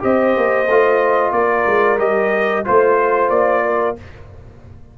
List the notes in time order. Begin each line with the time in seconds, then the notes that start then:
0.00 C4 G4 C5 D#5
0.37 A#3
0.67 A3 F4
1.32 A#3 A#4 D5
1.66 G#3
1.98 G3 G4 D#5
2.65 A3 F4 C5
3.30 A#3 D5
3.65 A#4